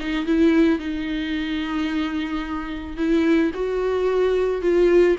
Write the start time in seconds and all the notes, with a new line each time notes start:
0.00 D#4
0.26 E4
0.79 D#4
2.97 E4
3.54 F#4
4.61 F4